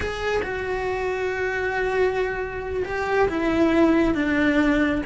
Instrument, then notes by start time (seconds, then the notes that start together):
cello
0.00 G#4
0.42 F#4
2.84 G4
3.28 E4
4.14 D4